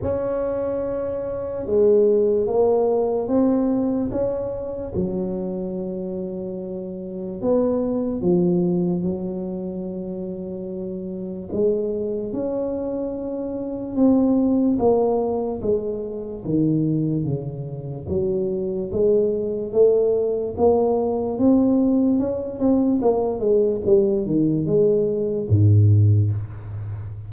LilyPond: \new Staff \with { instrumentName = "tuba" } { \time 4/4 \tempo 4 = 73 cis'2 gis4 ais4 | c'4 cis'4 fis2~ | fis4 b4 f4 fis4~ | fis2 gis4 cis'4~ |
cis'4 c'4 ais4 gis4 | dis4 cis4 fis4 gis4 | a4 ais4 c'4 cis'8 c'8 | ais8 gis8 g8 dis8 gis4 gis,4 | }